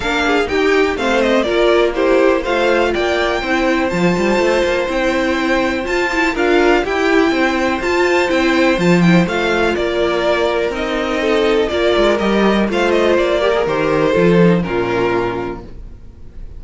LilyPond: <<
  \new Staff \with { instrumentName = "violin" } { \time 4/4 \tempo 4 = 123 f''4 g''4 f''8 dis''8 d''4 | c''4 f''4 g''2 | a''2 g''2 | a''4 f''4 g''2 |
a''4 g''4 a''8 g''8 f''4 | d''2 dis''2 | d''4 dis''4 f''8 dis''8 d''4 | c''2 ais'2 | }
  \new Staff \with { instrumentName = "violin" } { \time 4/4 ais'8 gis'8 g'4 c''4 ais'4 | g'4 c''4 d''4 c''4~ | c''1~ | c''4 ais'4 g'4 c''4~ |
c''1 | ais'2. a'4 | ais'2 c''4. ais'8~ | ais'4 a'4 f'2 | }
  \new Staff \with { instrumentName = "viola" } { \time 4/4 d'4 dis'4 c'4 f'4 | e'4 f'2 e'4 | f'2 e'2 | f'8 e'8 f'4 e'2 |
f'4 e'4 f'8 e'8 f'4~ | f'2 dis'2 | f'4 g'4 f'4. g'16 gis'16 | g'4 f'8 dis'8 cis'2 | }
  \new Staff \with { instrumentName = "cello" } { \time 4/4 ais4 dis'4 a4 ais4~ | ais4 a4 ais4 c'4 | f8 g8 a8 ais8 c'2 | f'4 d'4 e'4 c'4 |
f'4 c'4 f4 a4 | ais2 c'2 | ais8 gis8 g4 a4 ais4 | dis4 f4 ais,2 | }
>>